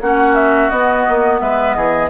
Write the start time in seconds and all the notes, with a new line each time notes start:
0.00 A#3 C#4 F#4 F#5
0.35 E5
0.69 B3 D#5
1.08 A#3
1.40 G#3 B4 E5
1.74 E3 G#4 D#5